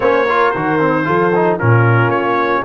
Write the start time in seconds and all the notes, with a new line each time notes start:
0.00 A#3 C#4 C5 C#5
0.26 F4 A#4
0.51 D#3 F#4 C5
0.79 C4
1.04 F3 F4 A4
1.35 D#4
1.58 A#2 C#4 F4 A#4
2.08 A#3 C#5